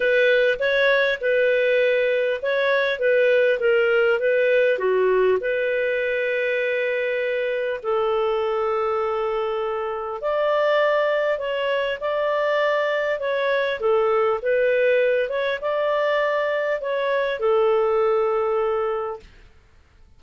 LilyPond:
\new Staff \with { instrumentName = "clarinet" } { \time 4/4 \tempo 4 = 100 b'4 cis''4 b'2 | cis''4 b'4 ais'4 b'4 | fis'4 b'2.~ | b'4 a'2.~ |
a'4 d''2 cis''4 | d''2 cis''4 a'4 | b'4. cis''8 d''2 | cis''4 a'2. | }